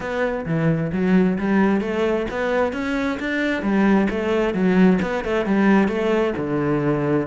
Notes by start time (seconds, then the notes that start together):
0.00 B3
0.45 E3
0.92 F#3
1.38 G3
1.81 A3
2.30 B3
2.72 C#4
3.19 D4
3.62 G3
4.10 A3
4.54 F#3
5.02 B3
5.24 A3
5.45 G3
5.88 A3
6.37 D3